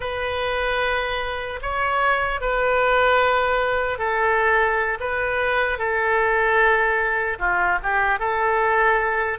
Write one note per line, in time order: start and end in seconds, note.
0.00 1.60 B4
1.62 2.40 C#5
2.40 3.98 B4
3.98 4.98 A4
5.00 5.78 B4
5.78 7.38 A4
7.38 7.78 F4
7.82 8.19 G4
8.19 9.39 A4